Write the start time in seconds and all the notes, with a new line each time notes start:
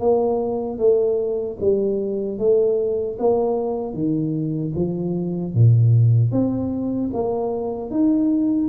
0.00 A#3
0.79 A3
1.61 G3
2.39 A3
3.19 A#3
3.94 D#3
4.76 F3
5.54 A#2
6.32 C4
7.14 A#3
7.91 D#4